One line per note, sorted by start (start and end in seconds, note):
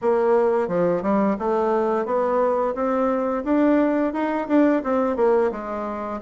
0.01 0.68 A#3
0.68 1.02 F3
1.02 1.36 G3
1.38 2.05 A3
2.05 2.74 B3
2.74 3.43 C4
3.44 4.13 D4
4.13 4.47 D#4
4.48 4.82 D4
4.83 5.16 C4
5.16 5.50 A#3
5.51 6.20 G#3